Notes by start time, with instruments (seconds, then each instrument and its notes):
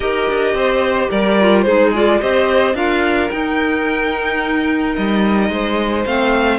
0.00 cello D#4, clarinet G4, violin A#4 D#5
0.28 cello D4
0.53 cello C4, violin C5
1.09 cello G3, violin A#4 D5
1.40 clarinet F4
1.62 cello G#3, clarinet D#4, violin G#4 C5
1.94 clarinet F4, violin D5
2.20 cello C4, clarinet G4, violin C5 D#5
2.74 cello D4, clarinet F4, violin A#4 F5
3.30 clarinet D#4, cello D#4, violin G5
4.95 cello G3, violin D#5
5.49 cello G#3, violin C5
6.05 cello A3, clarinet C4, violin F5